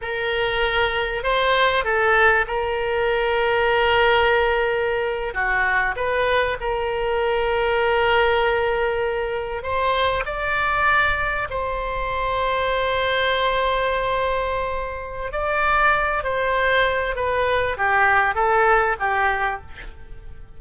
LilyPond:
\new Staff \with { instrumentName = "oboe" } { \time 4/4 \tempo 4 = 98 ais'2 c''4 a'4 | ais'1~ | ais'8. fis'4 b'4 ais'4~ ais'16~ | ais'2.~ ais'8. c''16~ |
c''8. d''2 c''4~ c''16~ | c''1~ | c''4 d''4. c''4. | b'4 g'4 a'4 g'4 | }